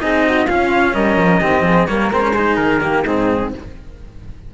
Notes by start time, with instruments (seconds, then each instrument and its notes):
0.00 cello C4 D#4, flute G#4, trumpet D#5
0.25 flute F#4
0.46 cello C#4, flute F4, trumpet F5
0.94 cello G3, flute A#4, trumpet D#5
1.17 cello F3
1.41 cello D#3 C4, flute G4
1.62 cello F3, flute G#4
1.87 cello G3 A#3, flute A#4, trumpet C#5
2.12 cello G#3 C4, trumpet C5
2.21 cello C#4
2.34 cello D#4, flute G#4
2.57 cello D#3, trumpet A#4
2.81 cello A#3, flute G4
3.05 cello G#2 C4, flute D#4, trumpet G#4